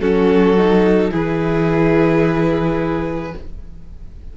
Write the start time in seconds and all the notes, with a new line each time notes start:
0.00 F#3 C#4 F#4 A4
0.57 D#4
1.11 E3 E4 G#4 B4